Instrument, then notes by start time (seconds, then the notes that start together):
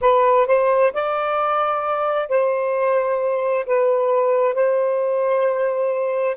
saxophone
0.01 B4
0.47 C5
0.93 D5
2.29 C5
3.66 B4
4.54 C5